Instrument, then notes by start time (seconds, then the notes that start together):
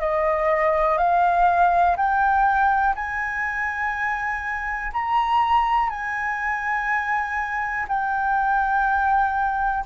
flute
0.00 D#5
0.98 F5
1.97 G5
2.96 G#5
4.93 A#5
5.90 G#5
7.88 G5